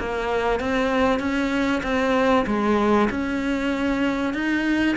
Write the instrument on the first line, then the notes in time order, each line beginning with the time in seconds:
cello
0.00 A#3
0.61 C4
1.20 C#4
1.83 C4
2.47 G#3
3.11 C#4
4.34 D#4